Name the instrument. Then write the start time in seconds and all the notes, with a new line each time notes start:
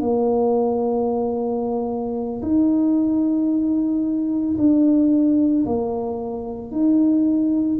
tuba
0.00 A#3
2.42 D#4
4.57 D4
5.65 A#3
6.71 D#4